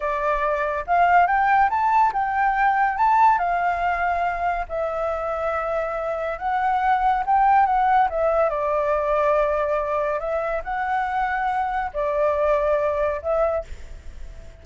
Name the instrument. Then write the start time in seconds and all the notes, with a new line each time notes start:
flute
0.00 D5
0.86 F5
1.27 G5
1.69 A5
2.13 G5
2.97 A5
3.38 F5
4.68 E5
6.38 F#5
7.26 G5
7.65 F#5
8.09 E5
8.49 D5
10.19 E5
10.64 F#5
11.93 D5
13.21 E5